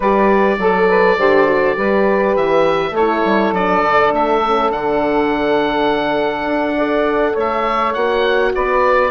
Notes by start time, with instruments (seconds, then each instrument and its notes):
0.00 bassoon G3, horn G4, saxophone B4, oboe D5
0.58 bassoon F#3, saxophone A4, horn A4
0.88 saxophone B4
1.18 bassoon D3, horn G4, saxophone C5
1.46 horn F#4
1.75 bassoon G3, horn G4, saxophone B4
2.35 bassoon E3, oboe E5
2.91 bassoon A3, saxophone A4, oboe C#5
2.97 horn E4
3.25 bassoon G3
3.52 bassoon F#3, horn D4, oboe D5
3.83 bassoon D3
4.12 bassoon A3, oboe E5
4.43 horn C#4
4.70 bassoon D3, horn D4, oboe F#5
6.45 bassoon D4
6.76 horn A4, saxophone D5
7.32 bassoon A3, saxophone C#5
7.39 oboe E5
7.93 bassoon A#3, horn F#4, oboe F#5
8.55 bassoon B3, saxophone B4, oboe D5